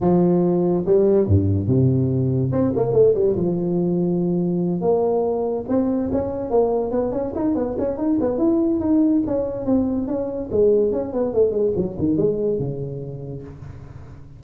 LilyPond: \new Staff \with { instrumentName = "tuba" } { \time 4/4 \tempo 4 = 143 f2 g4 g,4 | c2 c'8 ais8 a8 g8 | f2.~ f8 ais8~ | ais4. c'4 cis'4 ais8~ |
ais8 b8 cis'8 dis'8 b8 cis'8 dis'8 b8 | e'4 dis'4 cis'4 c'4 | cis'4 gis4 cis'8 b8 a8 gis8 | fis8 dis8 gis4 cis2 | }